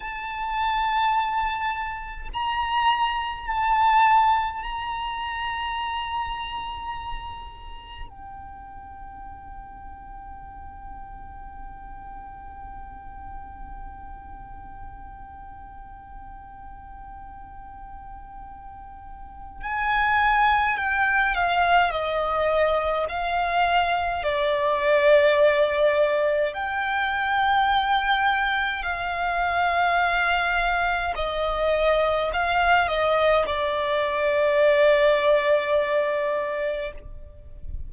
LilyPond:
\new Staff \with { instrumentName = "violin" } { \time 4/4 \tempo 4 = 52 a''2 ais''4 a''4 | ais''2. g''4~ | g''1~ | g''1~ |
g''4 gis''4 g''8 f''8 dis''4 | f''4 d''2 g''4~ | g''4 f''2 dis''4 | f''8 dis''8 d''2. | }